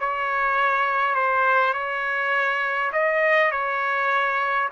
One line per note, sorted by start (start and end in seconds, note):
0.00 1.15 C#5
1.15 1.74 C5
1.74 2.91 C#5
2.93 3.52 D#5
3.52 4.69 C#5